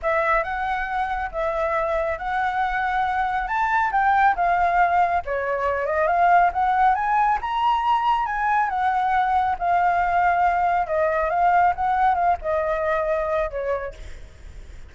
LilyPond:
\new Staff \with { instrumentName = "flute" } { \time 4/4 \tempo 4 = 138 e''4 fis''2 e''4~ | e''4 fis''2. | a''4 g''4 f''2 | cis''4. dis''8 f''4 fis''4 |
gis''4 ais''2 gis''4 | fis''2 f''2~ | f''4 dis''4 f''4 fis''4 | f''8 dis''2~ dis''8 cis''4 | }